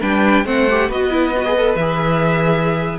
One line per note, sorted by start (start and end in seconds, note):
0.00 0.44 G3
0.00 0.45 D4
0.00 0.44 B4
0.00 0.46 G5
0.44 0.89 A3
0.44 0.67 C4
0.44 0.89 C5
0.44 0.90 F#5
0.70 0.91 G4
0.89 1.75 B3
0.89 1.10 F#4
0.89 2.99 B4
0.89 1.75 D#5
1.10 1.32 E4
1.37 1.45 F#4
1.45 1.56 G#4
1.57 1.79 A4
1.75 2.97 E3
1.75 2.99 G#4
1.75 2.97 E5